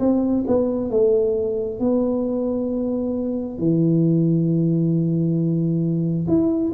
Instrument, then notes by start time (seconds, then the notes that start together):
tuba
0.00 C4
0.48 B3
0.90 A3
1.80 B3
3.59 E3
6.28 E4